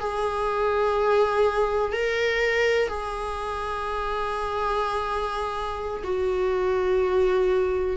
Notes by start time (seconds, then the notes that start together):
0.00 G#4
1.92 A#4
2.88 G#4
6.04 F#4